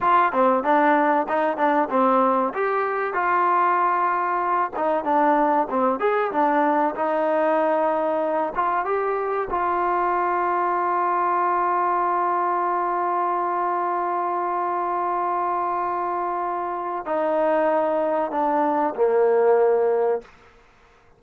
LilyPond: \new Staff \with { instrumentName = "trombone" } { \time 4/4 \tempo 4 = 95 f'8 c'8 d'4 dis'8 d'8 c'4 | g'4 f'2~ f'8 dis'8 | d'4 c'8 gis'8 d'4 dis'4~ | dis'4. f'8 g'4 f'4~ |
f'1~ | f'1~ | f'2. dis'4~ | dis'4 d'4 ais2 | }